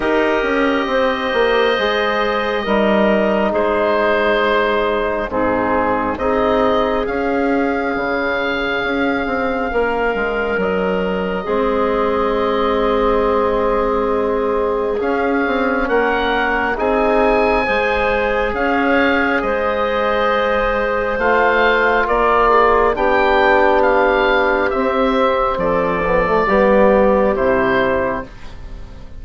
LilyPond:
<<
  \new Staff \with { instrumentName = "oboe" } { \time 4/4 \tempo 4 = 68 dis''1 | c''2 gis'4 dis''4 | f''1 | dis''1~ |
dis''4 f''4 fis''4 gis''4~ | gis''4 f''4 dis''2 | f''4 d''4 g''4 f''4 | e''4 d''2 c''4 | }
  \new Staff \with { instrumentName = "clarinet" } { \time 4/4 ais'4 c''2 ais'4 | gis'2 dis'4 gis'4~ | gis'2. ais'4~ | ais'4 gis'2.~ |
gis'2 ais'4 gis'4 | c''4 cis''4 c''2~ | c''4 ais'8 gis'8 g'2~ | g'4 a'4 g'2 | }
  \new Staff \with { instrumentName = "trombone" } { \time 4/4 g'2 gis'4 dis'4~ | dis'2 c'4 dis'4 | cis'1~ | cis'4 c'2.~ |
c'4 cis'2 dis'4 | gis'1 | f'2 d'2 | c'4. b16 a16 b4 e'4 | }
  \new Staff \with { instrumentName = "bassoon" } { \time 4/4 dis'8 cis'8 c'8 ais8 gis4 g4 | gis2 gis,4 c'4 | cis'4 cis4 cis'8 c'8 ais8 gis8 | fis4 gis2.~ |
gis4 cis'8 c'8 ais4 c'4 | gis4 cis'4 gis2 | a4 ais4 b2 | c'4 f4 g4 c4 | }
>>